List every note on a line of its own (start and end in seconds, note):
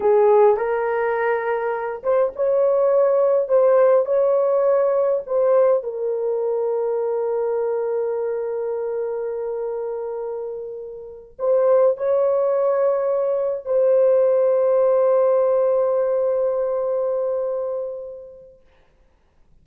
0.00 0.57 G#4
0.57 2.02 A#4
2.03 2.32 C5
2.35 3.48 C#5
3.48 4.05 C5
4.05 5.22 C#5
5.26 5.83 C5
5.83 11.36 A#4
11.39 11.97 C5
11.97 13.65 C#5
13.65 18.60 C5